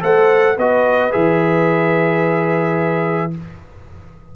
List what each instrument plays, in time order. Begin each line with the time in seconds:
0.00 tuba A3, trombone A4, horn C5, trumpet F#5
0.57 tuba B3, trombone F#4, horn B4, trumpet D#5
1.11 tuba E3, trombone G#4, trumpet E5